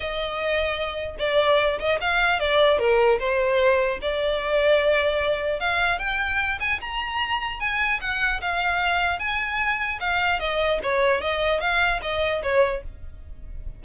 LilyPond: \new Staff \with { instrumentName = "violin" } { \time 4/4 \tempo 4 = 150 dis''2. d''4~ | d''8 dis''8 f''4 d''4 ais'4 | c''2 d''2~ | d''2 f''4 g''4~ |
g''8 gis''8 ais''2 gis''4 | fis''4 f''2 gis''4~ | gis''4 f''4 dis''4 cis''4 | dis''4 f''4 dis''4 cis''4 | }